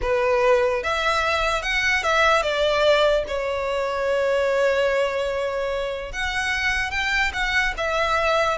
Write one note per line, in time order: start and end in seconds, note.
0.01 0.83 B4
0.83 1.62 E5
1.62 2.03 F#5
2.03 2.42 E5
2.42 3.24 D5
3.27 6.12 C#5
6.12 6.90 F#5
6.90 7.31 G5
7.33 7.74 F#5
7.77 8.57 E5